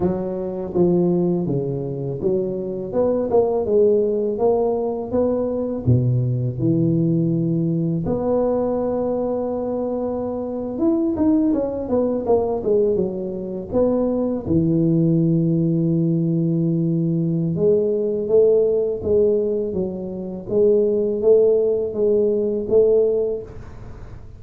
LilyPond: \new Staff \with { instrumentName = "tuba" } { \time 4/4 \tempo 4 = 82 fis4 f4 cis4 fis4 | b8 ais8 gis4 ais4 b4 | b,4 e2 b4~ | b2~ b8. e'8 dis'8 cis'16~ |
cis'16 b8 ais8 gis8 fis4 b4 e16~ | e1 | gis4 a4 gis4 fis4 | gis4 a4 gis4 a4 | }